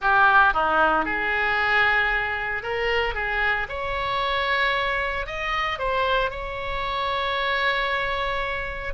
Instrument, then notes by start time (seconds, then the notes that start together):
oboe
0.01 G4
0.53 D#4
1.05 G#4
2.62 A#4
3.14 G#4
3.68 C#5
5.26 D#5
5.78 C5
6.30 C#5